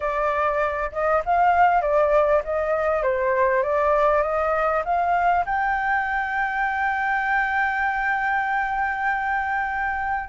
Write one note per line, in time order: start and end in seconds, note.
0.00 0.90 D5
0.92 1.22 D#5
1.25 1.81 F5
1.81 2.42 D5
2.44 3.02 D#5
3.02 3.62 C5
3.62 4.22 D5
4.22 4.82 D#5
4.84 5.45 F5
5.45 10.29 G5